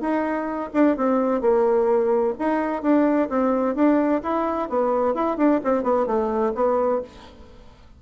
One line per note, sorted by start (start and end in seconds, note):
0.00 0.70 D#4
0.73 0.96 D4
0.96 1.41 C4
1.41 2.34 A#3
2.38 2.82 D#4
2.82 3.29 D4
3.29 3.75 C4
3.75 4.21 D4
4.22 4.69 E4
4.69 5.14 B3
5.14 5.37 E4
5.37 5.60 D4
5.64 5.83 C4
5.83 6.06 B3
6.06 6.53 A3
6.55 7.01 B3